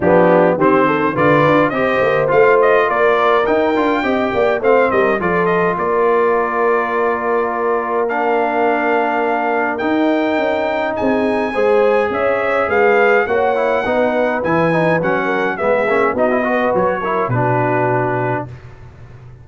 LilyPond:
<<
  \new Staff \with { instrumentName = "trumpet" } { \time 4/4 \tempo 4 = 104 g'4 c''4 d''4 dis''4 | f''8 dis''8 d''4 g''2 | f''8 dis''8 d''8 dis''8 d''2~ | d''2 f''2~ |
f''4 g''2 gis''4~ | gis''4 e''4 f''4 fis''4~ | fis''4 gis''4 fis''4 e''4 | dis''4 cis''4 b'2 | }
  \new Staff \with { instrumentName = "horn" } { \time 4/4 d'4 g'8 a'8 b'4 c''4~ | c''4 ais'2 dis''8 d''8 | c''8 ais'8 a'4 ais'2~ | ais'1~ |
ais'2. gis'4 | c''4 cis''4 b'4 cis''4 | b'2~ b'8 ais'8 gis'4 | fis'8 b'4 ais'8 fis'2 | }
  \new Staff \with { instrumentName = "trombone" } { \time 4/4 b4 c'4 f'4 g'4 | f'2 dis'8 f'8 g'4 | c'4 f'2.~ | f'2 d'2~ |
d'4 dis'2. | gis'2. fis'8 e'8 | dis'4 e'8 dis'8 cis'4 b8 cis'8 | dis'16 e'16 fis'4 e'8 d'2 | }
  \new Staff \with { instrumentName = "tuba" } { \time 4/4 f4 dis4 d8 d'8 c'8 ais8 | a4 ais4 dis'8 d'8 c'8 ais8 | a8 g8 f4 ais2~ | ais1~ |
ais4 dis'4 cis'4 c'4 | gis4 cis'4 gis4 ais4 | b4 e4 fis4 gis8 ais8 | b4 fis4 b,2 | }
>>